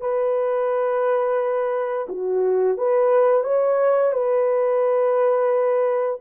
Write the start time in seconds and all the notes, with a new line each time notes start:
0.00 B4
2.08 F#4
2.77 B4
3.44 C#5
4.13 B4